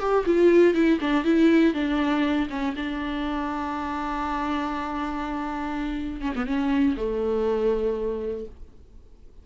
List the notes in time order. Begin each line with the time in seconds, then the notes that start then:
0.00 G4
0.26 F4
0.74 E4
1.01 D4
1.24 E4
1.74 D4
2.50 C#4
2.77 D4
6.21 C#4
6.36 B3
6.46 C#4
6.97 A3